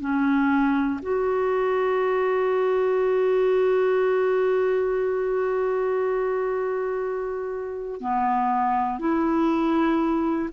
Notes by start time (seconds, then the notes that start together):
0.00 C#4
1.02 F#4
8.00 B3
8.99 E4